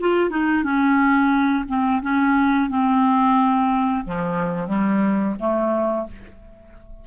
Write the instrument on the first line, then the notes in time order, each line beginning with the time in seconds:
clarinet
0.00 F4
0.30 D#4
0.64 C#4
1.68 C4
2.02 C#4
2.70 C4
4.05 F3
4.68 G3
5.40 A3